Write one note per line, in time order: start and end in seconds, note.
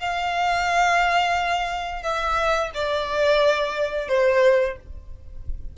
0.00 2.03 F5
2.03 2.71 E5
2.75 4.09 D5
4.09 4.77 C5